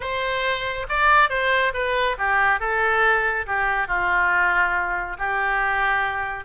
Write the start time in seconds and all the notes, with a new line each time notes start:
0.00 C5
0.88 D5
1.29 C5
1.73 B4
2.18 G4
2.59 A4
3.46 G4
3.87 F4
5.18 G4